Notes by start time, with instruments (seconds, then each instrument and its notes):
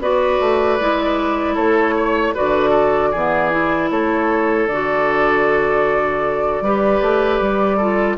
0.00 bassoon B3, clarinet F#4, oboe B4, flute D5
0.40 bassoon A3
0.80 bassoon G#3, clarinet E4
1.55 bassoon A3, oboe A4, flute C#5
1.97 oboe C#5
2.35 bassoon D3, clarinet F#4, oboe B4, flute D5
2.70 oboe A4
3.12 bassoon E3, clarinet B3, oboe G#4
3.51 clarinet E4
3.91 bassoon A3, oboe A4, flute C#5
4.68 bassoon D3, clarinet F#4, flute D5
6.61 bassoon G3, clarinet G4, oboe B4
7.01 bassoon A3
7.40 bassoon G3
7.77 clarinet F4, oboe A4